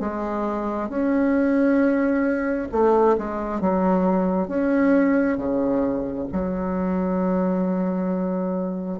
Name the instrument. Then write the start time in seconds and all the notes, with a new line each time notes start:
bassoon
0.00 G#3
0.89 C#4
2.72 A3
3.18 G#3
3.61 F#3
4.48 C#4
5.38 C#3
6.33 F#3